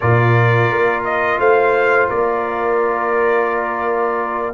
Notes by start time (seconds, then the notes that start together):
0.00 A#2 F4 A#4 D5
0.69 A#3
1.04 D#5
1.39 A3 C5 F5
2.08 A#3 A#4 D5